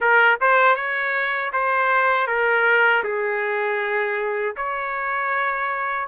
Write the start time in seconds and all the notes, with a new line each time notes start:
0.00 A#4
0.40 C5
0.75 C#5
1.52 C5
2.27 A#4
3.03 G#4
4.56 C#5